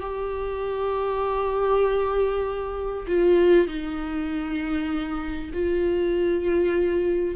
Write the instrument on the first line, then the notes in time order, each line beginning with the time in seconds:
viola
0.00 G4
3.07 F4
3.67 D#4
5.53 F4